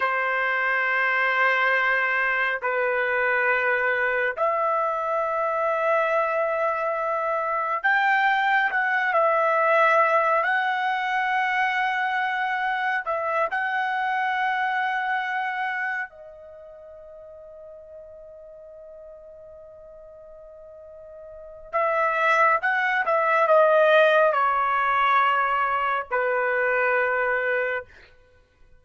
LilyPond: \new Staff \with { instrumentName = "trumpet" } { \time 4/4 \tempo 4 = 69 c''2. b'4~ | b'4 e''2.~ | e''4 g''4 fis''8 e''4. | fis''2. e''8 fis''8~ |
fis''2~ fis''8 dis''4.~ | dis''1~ | dis''4 e''4 fis''8 e''8 dis''4 | cis''2 b'2 | }